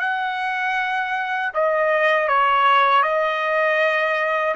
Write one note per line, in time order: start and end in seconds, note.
0.00 1.52 F#5
1.54 2.28 D#5
2.28 3.03 C#5
3.03 4.55 D#5